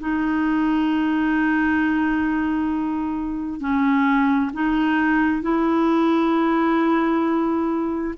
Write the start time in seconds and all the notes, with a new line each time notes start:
0.00 D#4
3.60 C#4
4.53 D#4
5.42 E4